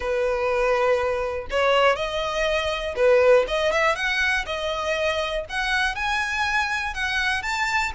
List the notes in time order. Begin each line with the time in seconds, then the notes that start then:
0.00 B4
1.50 C#5
1.96 D#5
2.95 B4
3.47 D#5
3.72 E5
3.95 F#5
4.46 D#5
5.49 F#5
5.95 G#5
6.94 F#5
7.42 A5